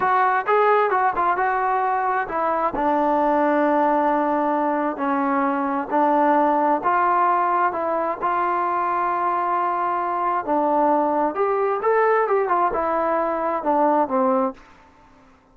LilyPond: \new Staff \with { instrumentName = "trombone" } { \time 4/4 \tempo 4 = 132 fis'4 gis'4 fis'8 f'8 fis'4~ | fis'4 e'4 d'2~ | d'2. cis'4~ | cis'4 d'2 f'4~ |
f'4 e'4 f'2~ | f'2. d'4~ | d'4 g'4 a'4 g'8 f'8 | e'2 d'4 c'4 | }